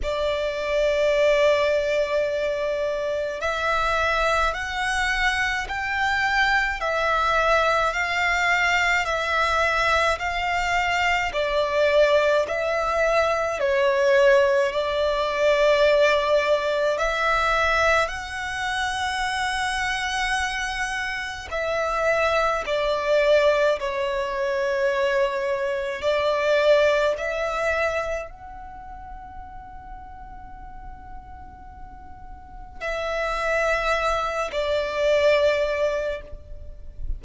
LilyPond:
\new Staff \with { instrumentName = "violin" } { \time 4/4 \tempo 4 = 53 d''2. e''4 | fis''4 g''4 e''4 f''4 | e''4 f''4 d''4 e''4 | cis''4 d''2 e''4 |
fis''2. e''4 | d''4 cis''2 d''4 | e''4 fis''2.~ | fis''4 e''4. d''4. | }